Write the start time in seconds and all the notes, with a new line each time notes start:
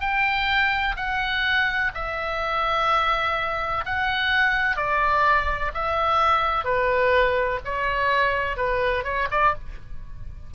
0.00 G5
0.96 F#5
1.94 E5
3.85 F#5
4.76 D5
5.74 E5
6.64 B4
7.65 C#5
8.56 B4
9.03 C#5
9.30 D5